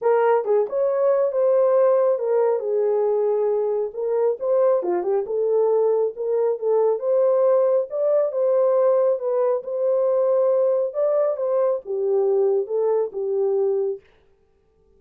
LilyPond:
\new Staff \with { instrumentName = "horn" } { \time 4/4 \tempo 4 = 137 ais'4 gis'8 cis''4. c''4~ | c''4 ais'4 gis'2~ | gis'4 ais'4 c''4 f'8 g'8 | a'2 ais'4 a'4 |
c''2 d''4 c''4~ | c''4 b'4 c''2~ | c''4 d''4 c''4 g'4~ | g'4 a'4 g'2 | }